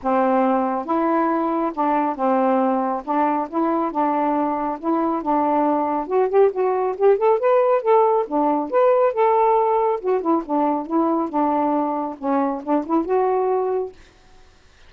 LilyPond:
\new Staff \with { instrumentName = "saxophone" } { \time 4/4 \tempo 4 = 138 c'2 e'2 | d'4 c'2 d'4 | e'4 d'2 e'4 | d'2 fis'8 g'8 fis'4 |
g'8 a'8 b'4 a'4 d'4 | b'4 a'2 fis'8 e'8 | d'4 e'4 d'2 | cis'4 d'8 e'8 fis'2 | }